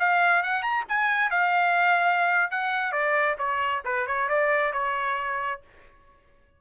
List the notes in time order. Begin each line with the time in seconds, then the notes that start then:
0.00 F5
0.43 F#5
0.63 A#5
0.89 G#5
1.31 F5
2.51 F#5
2.92 D5
3.39 C#5
3.85 B4
4.07 C#5
4.29 D5
4.73 C#5